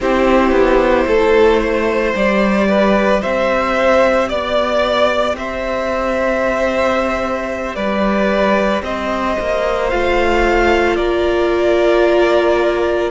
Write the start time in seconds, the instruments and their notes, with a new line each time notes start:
0.00 cello C4, viola E4, violin G4 C5
0.51 cello B3
1.06 cello A3, violin A4
1.60 violin C5
2.14 cello G3, viola G4, violin D5
2.68 violin B4
3.21 cello C4, violin C5 E5
4.28 cello B3, violin D5
5.35 cello C4, violin C5 E5
7.75 cello G3, violin B4 D5
8.82 cello C4, violin C5 D#5
9.39 cello A#3
9.89 cello A3, viola F4, violin F5
10.96 cello A#3, violin A#4 D5